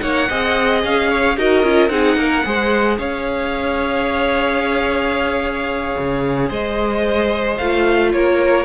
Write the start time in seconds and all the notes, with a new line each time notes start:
0.00 A#3 D#4 C#5 F#5
0.29 C4 G#4 D#5
0.84 C#4 F5
1.10 C#5
1.37 D#4 F#4 A#4 D#5
1.63 C#4 F4
1.89 C4 D#4 G#4 F#5
2.17 A#3 A#4
2.45 G#3 G#4 C5
2.99 C#4 C#5 F5
5.98 C#3
6.49 G#3 C5 D#5
7.58 A3 F4 F5
8.12 A#3 A#4 C#5